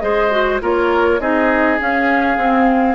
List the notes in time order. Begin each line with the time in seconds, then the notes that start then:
0.00 G#3 G#4 C5 D#5
0.31 F#4
0.61 A#3 F4 A#4 C#5
1.20 C4 D#4 G#4 D#5
1.79 C#4 F5
2.37 C4